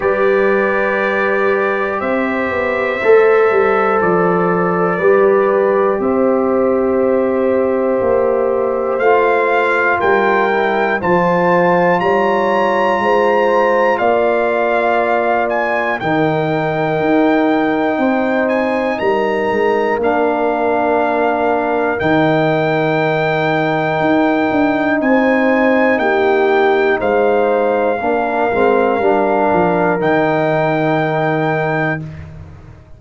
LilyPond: <<
  \new Staff \with { instrumentName = "trumpet" } { \time 4/4 \tempo 4 = 60 d''2 e''2 | d''2 e''2~ | e''4 f''4 g''4 a''4 | ais''2 f''4. gis''8 |
g''2~ g''8 gis''8 ais''4 | f''2 g''2~ | g''4 gis''4 g''4 f''4~ | f''2 g''2 | }
  \new Staff \with { instrumentName = "horn" } { \time 4/4 b'2 c''2~ | c''4 b'4 c''2~ | c''2 ais'4 c''4 | cis''4 c''4 d''2 |
ais'2 c''4 ais'4~ | ais'1~ | ais'4 c''4 g'4 c''4 | ais'1 | }
  \new Staff \with { instrumentName = "trombone" } { \time 4/4 g'2. a'4~ | a'4 g'2.~ | g'4 f'4. e'8 f'4~ | f'1 |
dis'1 | d'2 dis'2~ | dis'1 | d'8 c'8 d'4 dis'2 | }
  \new Staff \with { instrumentName = "tuba" } { \time 4/4 g2 c'8 b8 a8 g8 | f4 g4 c'2 | ais4 a4 g4 f4 | g4 gis4 ais2 |
dis4 dis'4 c'4 g8 gis8 | ais2 dis2 | dis'8 d'8 c'4 ais4 gis4 | ais8 gis8 g8 f8 dis2 | }
>>